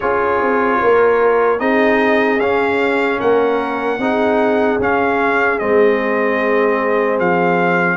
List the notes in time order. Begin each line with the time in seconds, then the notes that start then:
0.00 C#4 F4 G#4 C#5
0.41 C4
0.80 A#3 A#4
1.59 C4 D#4 G#4 D#5
2.39 C#4 F5
3.19 A#3 A#4 F#5
3.98 C4 D#4 G#4
4.78 C#4 F5
5.58 G#3 C4 D#5
7.19 F3 F5